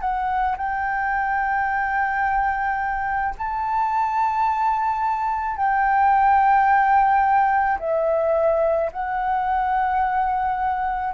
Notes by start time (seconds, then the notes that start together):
0.00 F#5
0.57 G5
3.37 A5
5.56 G5
7.79 E5
8.92 F#5